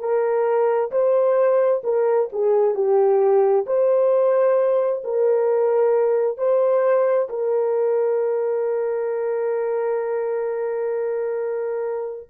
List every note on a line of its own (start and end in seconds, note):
0.00 0.91 A#4
0.91 1.82 C5
1.84 2.29 A#4
2.33 2.75 G#4
2.75 3.66 G4
3.67 5.03 C5
5.05 6.38 A#4
6.38 7.29 C5
7.30 12.30 A#4